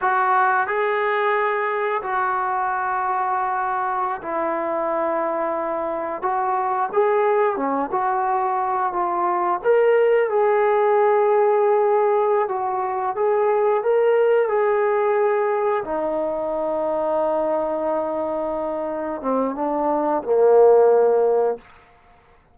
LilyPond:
\new Staff \with { instrumentName = "trombone" } { \time 4/4 \tempo 4 = 89 fis'4 gis'2 fis'4~ | fis'2~ fis'16 e'4.~ e'16~ | e'4~ e'16 fis'4 gis'4 cis'8 fis'16~ | fis'4~ fis'16 f'4 ais'4 gis'8.~ |
gis'2~ gis'8 fis'4 gis'8~ | gis'8 ais'4 gis'2 dis'8~ | dis'1~ | dis'8 c'8 d'4 ais2 | }